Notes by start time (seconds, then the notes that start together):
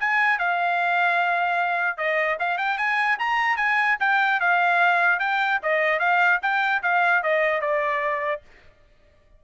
0.00 G#5
0.39 F5
1.97 D#5
2.39 F5
2.58 G5
2.78 G#5
3.19 A#5
3.57 G#5
4.00 G5
4.40 F5
5.20 G5
5.63 D#5
6.00 F5
6.42 G5
6.83 F5
7.23 D#5
7.61 D5